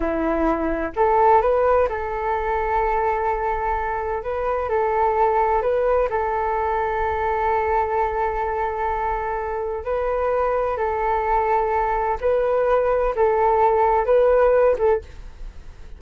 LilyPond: \new Staff \with { instrumentName = "flute" } { \time 4/4 \tempo 4 = 128 e'2 a'4 b'4 | a'1~ | a'4 b'4 a'2 | b'4 a'2.~ |
a'1~ | a'4 b'2 a'4~ | a'2 b'2 | a'2 b'4. a'8 | }